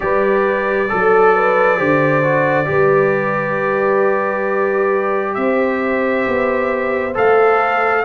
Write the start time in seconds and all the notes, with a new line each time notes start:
0.00 G3 G4 B4 D5
0.88 F#3 A4
1.35 B4
1.78 D3 G4 C5
2.23 F#4
2.65 G3 G4 B4
5.34 C4 C5 E5
6.27 B3
7.14 A3 A4 F5